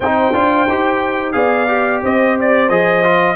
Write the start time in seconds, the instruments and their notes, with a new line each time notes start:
0.00 tuba C4, trombone D#4, horn C5, trumpet G5
0.33 tuba D4, trombone F4
0.68 tuba D#4, trombone G4
1.32 tuba B3, trombone G#4, horn D5, trumpet F5
1.67 trombone G4
2.02 tuba C4, horn C5, trumpet D#5
2.40 trumpet D5
2.69 tuba F3, trombone G#4, trumpet D#5
3.04 trombone F4